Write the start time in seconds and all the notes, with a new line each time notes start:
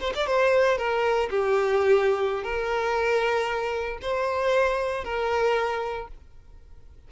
0.00 C5
0.15 D5
0.27 C5
0.78 A#4
1.30 G4
2.43 A#4
4.02 C5
5.04 A#4